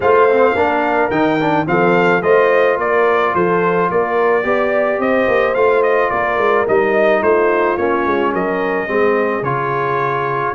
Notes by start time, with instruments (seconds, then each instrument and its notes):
0.00 tuba A3, trombone F4, horn C5, trumpet F5
0.29 trombone C4
0.55 tuba A#3, trombone D4, horn A#4
1.10 tuba D#3, trombone D#4, trumpet G5
1.40 trombone D4
1.66 tuba F3, trombone C4, horn A4, trumpet F5
2.22 tuba A3, trombone F4, horn C5, trumpet D#5
2.77 tuba A#3, horn A#4, trumpet D5
3.34 tuba F3, horn A4, trumpet C5
3.90 tuba A#3, horn A#4, trumpet D5
4.43 tuba B3, trombone G4, horn D5
4.99 tuba C4, horn C5, trumpet D#5
5.27 tuba A#3
5.54 tuba A3, trombone F4, trumpet F5
5.82 trumpet D#5
6.09 tuba A#3, horn A#4, trumpet D5
6.37 tuba G#3
6.67 tuba G3, trombone D#4, trumpet D#5
7.21 tuba A3, horn F4, trumpet C5
7.77 tuba A#3, trombone C#4, trumpet C#5
8.05 tuba G#3
8.32 tuba F#3, horn A#4, trumpet D#5
8.87 tuba G#3, trombone C4, horn G#4
9.41 tuba C#3, trombone F4, trumpet C#5